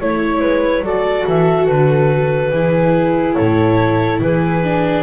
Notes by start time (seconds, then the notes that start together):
0.00 A3 E4 C#5
0.41 G#3 B4
0.82 F#3 F#4 A4 D5
1.27 E3 E5
1.66 D3 B4
2.51 E3 E4 G#4
3.35 A2 A4 C#5
4.20 E3 G#4 B4
4.64 D4